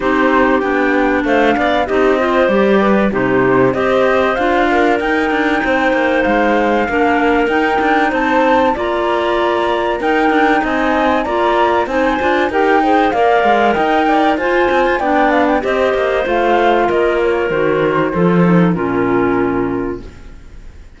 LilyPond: <<
  \new Staff \with { instrumentName = "flute" } { \time 4/4 \tempo 4 = 96 c''4 g''4 f''4 dis''4 | d''4 c''4 dis''4 f''4 | g''2 f''2 | g''4 a''4 ais''2 |
g''4 gis''4 ais''4 gis''4 | g''4 f''4 g''4 gis''4 | g''8 f''16 g''16 dis''4 f''4 dis''8 cis''8 | c''2 ais'2 | }
  \new Staff \with { instrumentName = "clarinet" } { \time 4/4 g'2 c''8 d''8 g'8 c''8~ | c''8 b'8 g'4 c''4. ais'8~ | ais'4 c''2 ais'4~ | ais'4 c''4 d''2 |
ais'4 dis''4 d''4 c''4 | ais'8 c''8 d''4 dis''8 d''8 c''4 | d''4 c''2 ais'4~ | ais'4 a'4 f'2 | }
  \new Staff \with { instrumentName = "clarinet" } { \time 4/4 dis'4 d'2 dis'8 f'8 | g'4 dis'4 g'4 f'4 | dis'2. d'4 | dis'2 f'2 |
dis'2 f'4 dis'8 f'8 | g'8 gis'8 ais'2 f'4 | d'4 g'4 f'2 | fis'4 f'8 dis'8 cis'2 | }
  \new Staff \with { instrumentName = "cello" } { \time 4/4 c'4 b4 a8 b8 c'4 | g4 c4 c'4 d'4 | dis'8 d'8 c'8 ais8 gis4 ais4 | dis'8 d'8 c'4 ais2 |
dis'8 d'8 c'4 ais4 c'8 d'8 | dis'4 ais8 gis8 dis'4 f'8 c'16 f'16 | b4 c'8 ais8 a4 ais4 | dis4 f4 ais,2 | }
>>